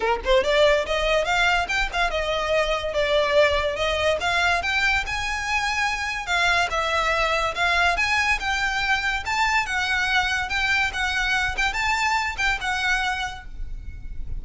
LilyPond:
\new Staff \with { instrumentName = "violin" } { \time 4/4 \tempo 4 = 143 ais'8 c''8 d''4 dis''4 f''4 | g''8 f''8 dis''2 d''4~ | d''4 dis''4 f''4 g''4 | gis''2. f''4 |
e''2 f''4 gis''4 | g''2 a''4 fis''4~ | fis''4 g''4 fis''4. g''8 | a''4. g''8 fis''2 | }